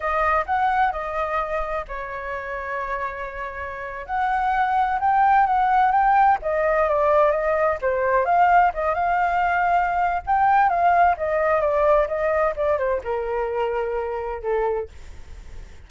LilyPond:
\new Staff \with { instrumentName = "flute" } { \time 4/4 \tempo 4 = 129 dis''4 fis''4 dis''2 | cis''1~ | cis''8. fis''2 g''4 fis''16~ | fis''8. g''4 dis''4 d''4 dis''16~ |
dis''8. c''4 f''4 dis''8 f''8.~ | f''2 g''4 f''4 | dis''4 d''4 dis''4 d''8 c''8 | ais'2. a'4 | }